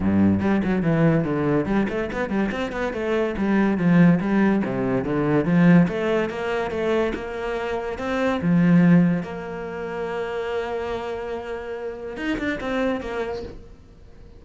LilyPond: \new Staff \with { instrumentName = "cello" } { \time 4/4 \tempo 4 = 143 g,4 g8 fis8 e4 d4 | g8 a8 b8 g8 c'8 b8 a4 | g4 f4 g4 c4 | d4 f4 a4 ais4 |
a4 ais2 c'4 | f2 ais2~ | ais1~ | ais4 dis'8 d'8 c'4 ais4 | }